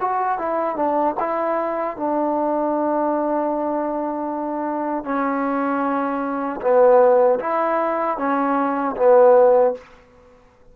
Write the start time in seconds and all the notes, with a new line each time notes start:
0.00 F#4
0.38 E4
0.76 D4
1.19 E4
1.97 D4
5.04 C#4
6.61 B3
7.39 E4
8.17 C#4
8.96 B3